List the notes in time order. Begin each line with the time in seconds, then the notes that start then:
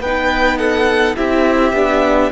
0.00 B3 D#4 B4 G5
0.58 A4 F#5
1.16 C4 E4 G4 E5
1.73 B3 D4